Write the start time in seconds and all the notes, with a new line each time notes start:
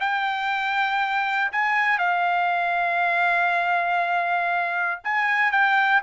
0.00 G5
1.52 G#5
1.98 F5
5.04 G#5
5.52 G5